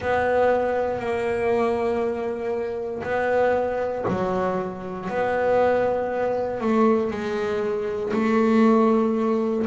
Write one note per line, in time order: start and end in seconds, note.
0.00 0.99 B3
0.99 3.02 A#3
3.03 4.04 B3
4.08 5.09 F#3
5.09 6.61 B3
6.61 7.10 A3
7.10 8.12 G#3
8.13 9.66 A3